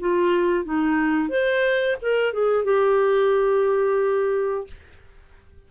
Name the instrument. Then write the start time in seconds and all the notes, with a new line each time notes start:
clarinet
0.00 F4
0.65 D#4
1.29 C5
2.02 A#4
2.33 G#4
2.64 G4